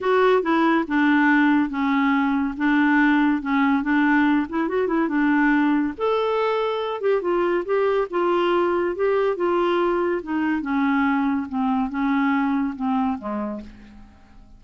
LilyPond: \new Staff \with { instrumentName = "clarinet" } { \time 4/4 \tempo 4 = 141 fis'4 e'4 d'2 | cis'2 d'2 | cis'4 d'4. e'8 fis'8 e'8 | d'2 a'2~ |
a'8 g'8 f'4 g'4 f'4~ | f'4 g'4 f'2 | dis'4 cis'2 c'4 | cis'2 c'4 gis4 | }